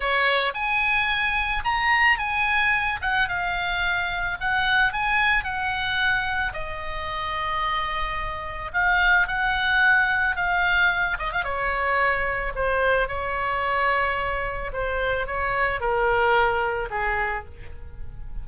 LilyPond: \new Staff \with { instrumentName = "oboe" } { \time 4/4 \tempo 4 = 110 cis''4 gis''2 ais''4 | gis''4. fis''8 f''2 | fis''4 gis''4 fis''2 | dis''1 |
f''4 fis''2 f''4~ | f''8 dis''16 f''16 cis''2 c''4 | cis''2. c''4 | cis''4 ais'2 gis'4 | }